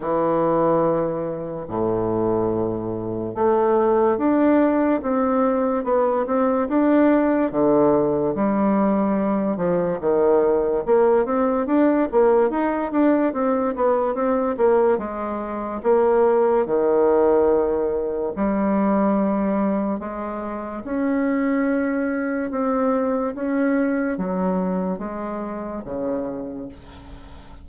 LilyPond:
\new Staff \with { instrumentName = "bassoon" } { \time 4/4 \tempo 4 = 72 e2 a,2 | a4 d'4 c'4 b8 c'8 | d'4 d4 g4. f8 | dis4 ais8 c'8 d'8 ais8 dis'8 d'8 |
c'8 b8 c'8 ais8 gis4 ais4 | dis2 g2 | gis4 cis'2 c'4 | cis'4 fis4 gis4 cis4 | }